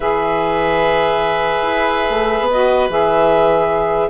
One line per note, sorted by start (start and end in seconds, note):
0.00 1.58 E3
0.00 2.51 G#4
0.00 4.06 B4
0.00 2.48 E5
1.62 2.09 E4
2.09 2.39 A3
2.40 2.89 B3
2.50 2.90 F#4
2.50 2.90 D#5
2.89 4.09 E3
2.89 4.09 G#4
2.89 4.09 E5